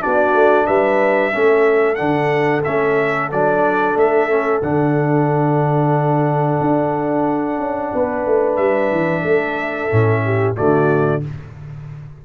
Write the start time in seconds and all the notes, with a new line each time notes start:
0.00 B3 D4 F#4 D5
0.34 A3
0.66 G3 B4 E5
1.32 A3 C#4 A4
1.95 D3 D4 F#5
2.64 A3 C#4 E5
3.31 F#3 D4 D5
3.96 A3 E5
4.29 C#4
4.62 D3 D4 F#5
6.61 D4
7.59 C#4
7.93 B3 B4
8.26 A3
8.56 G3 E5
8.91 E3
9.22 A3 A4
9.91 A2 C#4
10.24 G4
10.55 D3 A3 F#4 D5